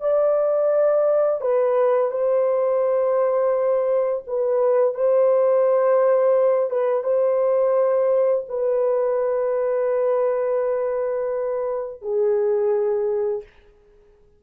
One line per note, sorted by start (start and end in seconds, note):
0.00 1.41 D5
1.41 2.11 B4
2.11 4.23 C5
4.27 4.94 B4
4.94 6.70 C5
6.70 7.03 B4
7.03 8.44 C5
8.49 12.02 B4
12.02 13.43 G#4